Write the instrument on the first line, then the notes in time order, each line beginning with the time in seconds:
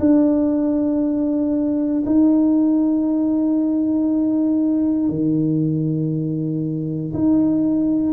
tuba
0.00 D4
2.06 D#4
5.09 D#3
7.14 D#4